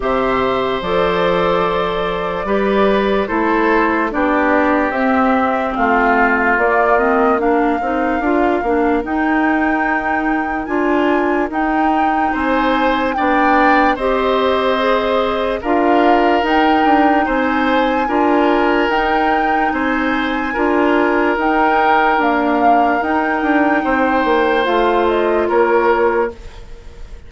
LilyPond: <<
  \new Staff \with { instrumentName = "flute" } { \time 4/4 \tempo 4 = 73 e''4 d''2. | c''4 d''4 e''4 f''4 | d''8 dis''8 f''2 g''4~ | g''4 gis''4 g''4 gis''4 |
g''4 dis''2 f''4 | g''4 gis''2 g''4 | gis''2 g''4 f''4 | g''2 f''8 dis''8 cis''4 | }
  \new Staff \with { instrumentName = "oboe" } { \time 4/4 c''2. b'4 | a'4 g'2 f'4~ | f'4 ais'2.~ | ais'2. c''4 |
d''4 c''2 ais'4~ | ais'4 c''4 ais'2 | c''4 ais'2.~ | ais'4 c''2 ais'4 | }
  \new Staff \with { instrumentName = "clarinet" } { \time 4/4 g'4 a'2 g'4 | e'4 d'4 c'2 | ais8 c'8 d'8 dis'8 f'8 d'8 dis'4~ | dis'4 f'4 dis'2 |
d'4 g'4 gis'4 f'4 | dis'2 f'4 dis'4~ | dis'4 f'4 dis'4 ais4 | dis'2 f'2 | }
  \new Staff \with { instrumentName = "bassoon" } { \time 4/4 c4 f2 g4 | a4 b4 c'4 a4 | ais4. c'8 d'8 ais8 dis'4~ | dis'4 d'4 dis'4 c'4 |
b4 c'2 d'4 | dis'8 d'8 c'4 d'4 dis'4 | c'4 d'4 dis'4 d'4 | dis'8 d'8 c'8 ais8 a4 ais4 | }
>>